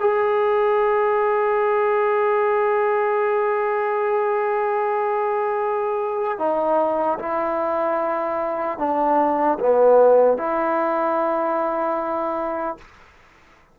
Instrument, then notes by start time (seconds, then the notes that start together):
trombone
0.00 G#4
6.39 D#4
7.19 E4
8.79 D4
9.60 B3
10.38 E4